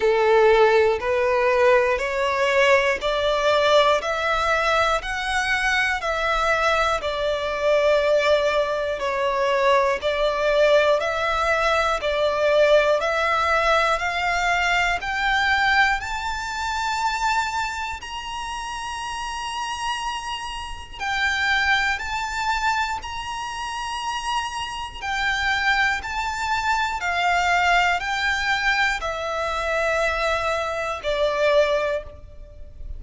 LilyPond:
\new Staff \with { instrumentName = "violin" } { \time 4/4 \tempo 4 = 60 a'4 b'4 cis''4 d''4 | e''4 fis''4 e''4 d''4~ | d''4 cis''4 d''4 e''4 | d''4 e''4 f''4 g''4 |
a''2 ais''2~ | ais''4 g''4 a''4 ais''4~ | ais''4 g''4 a''4 f''4 | g''4 e''2 d''4 | }